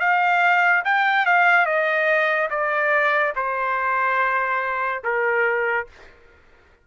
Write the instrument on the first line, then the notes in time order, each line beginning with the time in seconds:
trumpet
0.00 F5
0.85 G5
1.26 F5
1.66 D#5
2.50 D5
3.36 C5
5.04 A#4